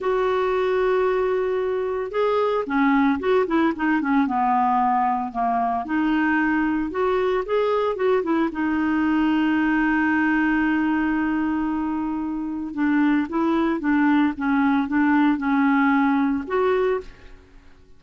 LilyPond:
\new Staff \with { instrumentName = "clarinet" } { \time 4/4 \tempo 4 = 113 fis'1 | gis'4 cis'4 fis'8 e'8 dis'8 cis'8 | b2 ais4 dis'4~ | dis'4 fis'4 gis'4 fis'8 e'8 |
dis'1~ | dis'1 | d'4 e'4 d'4 cis'4 | d'4 cis'2 fis'4 | }